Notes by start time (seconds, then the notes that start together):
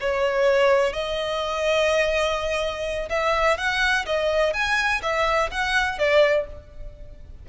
0.00 C#5
0.93 D#5
3.09 E5
3.57 F#5
4.06 D#5
4.54 G#5
5.02 E5
5.51 F#5
5.99 D5